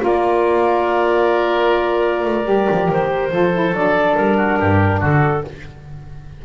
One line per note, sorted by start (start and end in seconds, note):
0.00 2.25 A#3
0.00 2.45 F4
0.00 3.33 A#4
0.06 2.91 D5
2.25 2.46 A3
2.45 2.68 G3
2.45 3.30 G4
2.71 2.89 F3
2.89 3.31 D#3
2.89 3.75 C5
3.30 3.73 F3
3.30 3.52 F4
3.30 4.37 A4
3.53 3.74 E4
3.73 4.15 F#3
3.73 5.45 D4
3.73 4.16 D5
4.16 4.60 G3
4.16 5.01 A#4
4.37 4.59 F#4
4.60 5.02 G2
4.60 5.00 G4
5.00 5.45 D3
5.00 5.43 F#4
5.00 5.45 A4